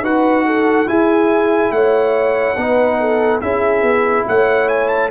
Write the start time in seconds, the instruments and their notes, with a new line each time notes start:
0.00 tuba D#4, trombone F#4, horn B4, trumpet F#5
0.46 horn A4
0.87 trombone E4, tuba E4, horn G#4, trumpet G#5
1.71 tuba A3, horn C#5, trumpet F#5
2.57 tuba B3, trombone D#4, horn B4
3.01 horn A4
3.41 tuba C#4, trombone E4, horn G#4, trumpet E5
3.83 tuba B3
4.28 tuba A3, horn C#5, trumpet F#5
4.69 trumpet G#5
4.89 trumpet A5